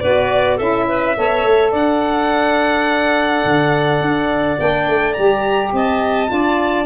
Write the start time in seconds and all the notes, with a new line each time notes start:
0.00 B3 F#4 B4 D5
0.56 C#4 E4 A4 E5
0.88 B4
1.17 B3 A4 C#5
1.44 A3
1.71 D4 D5 F#5
3.45 D3
4.01 D4
4.58 A#3 D4 G5
4.87 A3
5.13 G3 G4 A#5
5.72 C4 D#5 A5
6.26 D4 F4 D5